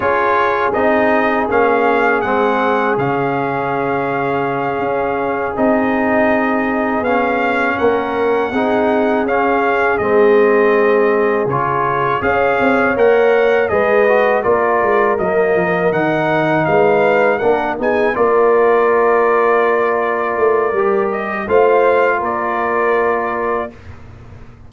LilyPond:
<<
  \new Staff \with { instrumentName = "trumpet" } { \time 4/4 \tempo 4 = 81 cis''4 dis''4 f''4 fis''4 | f''2.~ f''8 dis''8~ | dis''4. f''4 fis''4.~ | fis''8 f''4 dis''2 cis''8~ |
cis''8 f''4 fis''4 dis''4 d''8~ | d''8 dis''4 fis''4 f''4 fis''8 | gis''8 d''2.~ d''8~ | d''8 dis''8 f''4 d''2 | }
  \new Staff \with { instrumentName = "horn" } { \time 4/4 gis'1~ | gis'1~ | gis'2~ gis'8 ais'4 gis'8~ | gis'1~ |
gis'8 cis''2 b'4 ais'8~ | ais'2~ ais'8 b'4 ais'8 | gis'8 ais'2.~ ais'8~ | ais'4 c''4 ais'2 | }
  \new Staff \with { instrumentName = "trombone" } { \time 4/4 f'4 dis'4 cis'4 c'4 | cis'2.~ cis'8 dis'8~ | dis'4. cis'2 dis'8~ | dis'8 cis'4 c'2 f'8~ |
f'8 gis'4 ais'4 gis'8 fis'8 f'8~ | f'8 ais4 dis'2 d'8 | dis'8 f'2.~ f'8 | g'4 f'2. | }
  \new Staff \with { instrumentName = "tuba" } { \time 4/4 cis'4 c'4 ais4 gis4 | cis2~ cis8 cis'4 c'8~ | c'4. b4 ais4 c'8~ | c'8 cis'4 gis2 cis8~ |
cis8 cis'8 c'8 ais4 gis4 ais8 | gis8 fis8 f8 dis4 gis4 ais8 | b8 ais2. a8 | g4 a4 ais2 | }
>>